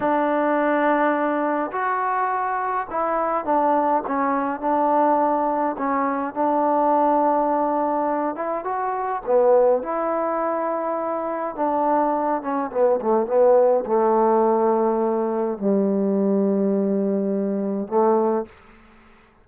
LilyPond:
\new Staff \with { instrumentName = "trombone" } { \time 4/4 \tempo 4 = 104 d'2. fis'4~ | fis'4 e'4 d'4 cis'4 | d'2 cis'4 d'4~ | d'2~ d'8 e'8 fis'4 |
b4 e'2. | d'4. cis'8 b8 a8 b4 | a2. g4~ | g2. a4 | }